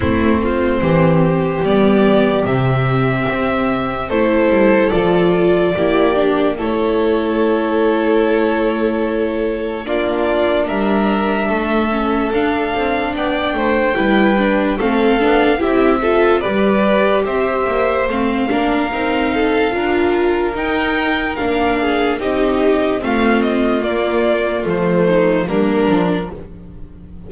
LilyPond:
<<
  \new Staff \with { instrumentName = "violin" } { \time 4/4 \tempo 4 = 73 c''2 d''4 e''4~ | e''4 c''4 d''2 | cis''1 | d''4 e''2 f''4 |
g''2 f''4 e''4 | d''4 e''4 f''2~ | f''4 g''4 f''4 dis''4 | f''8 dis''8 d''4 c''4 ais'4 | }
  \new Staff \with { instrumentName = "violin" } { \time 4/4 e'8 f'8 g'2.~ | g'4 a'2 g'4 | a'1 | f'4 ais'4 a'2 |
d''8 c''8 b'4 a'4 g'8 a'8 | b'4 c''4. ais'4 a'8 | ais'2~ ais'8 gis'8 g'4 | f'2~ f'8 dis'8 d'4 | }
  \new Staff \with { instrumentName = "viola" } { \time 4/4 c'2 b4 c'4~ | c'4 e'4 f'4 e'8 d'8 | e'1 | d'2~ d'8 cis'8 d'4~ |
d'4 e'8 d'8 c'8 d'8 e'8 f'8 | g'2 c'8 d'8 dis'4 | f'4 dis'4 d'4 dis'4 | c'4 ais4 a4 ais8 d'8 | }
  \new Staff \with { instrumentName = "double bass" } { \time 4/4 a4 e4 g4 c4 | c'4 a8 g8 f4 ais4 | a1 | ais4 g4 a4 d'8 c'8 |
b8 a8 g4 a8 b8 c'4 | g4 c'8 ais8 a8 ais8 c'4 | d'4 dis'4 ais4 c'4 | a4 ais4 f4 g8 f8 | }
>>